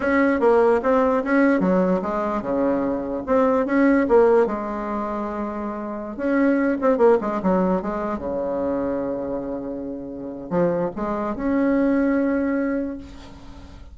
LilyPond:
\new Staff \with { instrumentName = "bassoon" } { \time 4/4 \tempo 4 = 148 cis'4 ais4 c'4 cis'4 | fis4 gis4 cis2 | c'4 cis'4 ais4 gis4~ | gis2.~ gis16 cis'8.~ |
cis'8. c'8 ais8 gis8 fis4 gis8.~ | gis16 cis2.~ cis8.~ | cis2 f4 gis4 | cis'1 | }